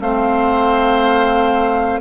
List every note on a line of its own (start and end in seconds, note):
0.00 2.00 A3
0.00 2.00 C4
0.00 2.00 C5
0.00 2.00 F5